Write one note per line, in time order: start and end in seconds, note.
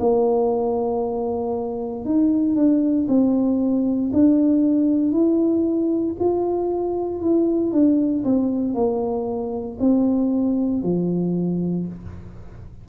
0.00 2.05 A#3
2.05 2.55 D#4
2.55 3.07 D4
3.08 4.11 C4
4.13 5.12 D4
5.12 6.15 E4
6.19 7.22 F4
7.22 7.72 E4
7.72 8.24 D4
8.24 8.75 C4
8.75 9.78 A#3
9.80 10.83 C4
10.83 11.86 F3